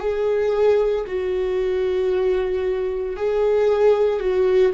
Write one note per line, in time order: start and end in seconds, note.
0.00 1.05 G#4
1.07 3.16 F#4
3.16 4.20 G#4
4.20 4.73 F#4